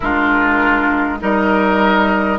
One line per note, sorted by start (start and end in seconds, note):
0.00 1.22 G#3
0.00 1.19 D4
0.00 1.18 F4
0.00 1.19 A#4
1.19 2.39 G3
1.19 2.39 D#4
1.19 2.39 A#4
1.19 2.39 D#5